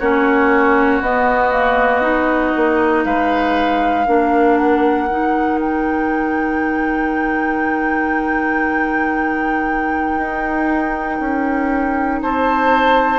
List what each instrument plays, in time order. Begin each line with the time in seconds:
0.00 bassoon A#3, clarinet C#4, oboe F#4, flute C#5
1.01 bassoon B3, clarinet B3, flute D#5
1.52 clarinet A#3
2.02 clarinet D#4
2.56 bassoon A#3
3.05 bassoon G#3, oboe B4, flute F5
4.07 bassoon A#3, clarinet D4, oboe A#4
4.58 flute F#5
5.09 bassoon D#3, clarinet D#4
5.60 flute G5
10.17 bassoon D#4
11.20 bassoon C#4
12.22 bassoon C4, oboe C5, flute A5